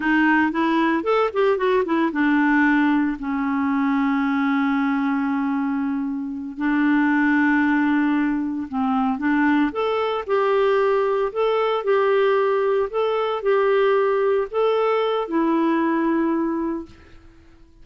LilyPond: \new Staff \with { instrumentName = "clarinet" } { \time 4/4 \tempo 4 = 114 dis'4 e'4 a'8 g'8 fis'8 e'8 | d'2 cis'2~ | cis'1~ | cis'8 d'2.~ d'8~ |
d'8 c'4 d'4 a'4 g'8~ | g'4. a'4 g'4.~ | g'8 a'4 g'2 a'8~ | a'4 e'2. | }